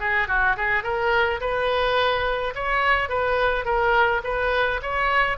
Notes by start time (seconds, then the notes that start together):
0.00 G#4
0.28 F#4
0.57 G#4
0.84 A#4
1.41 B4
2.55 C#5
3.09 B4
3.65 A#4
4.24 B4
4.82 C#5